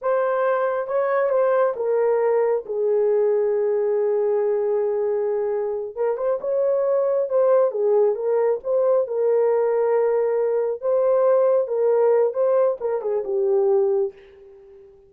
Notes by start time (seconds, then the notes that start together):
0.01 C5
0.87 C#5
1.29 C5
1.76 A#4
2.65 G#4
5.95 A#4
6.17 C5
6.41 C#5
7.29 C5
7.71 G#4
8.15 A#4
8.63 C5
9.07 A#4
10.81 C5
11.67 A#4
12.33 C5
12.80 A#4
13.01 G#4
13.24 G4